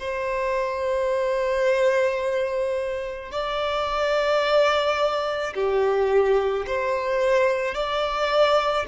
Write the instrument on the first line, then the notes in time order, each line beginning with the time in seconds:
violin
0.00 C5
3.32 D5
5.55 G4
6.67 C5
7.75 D5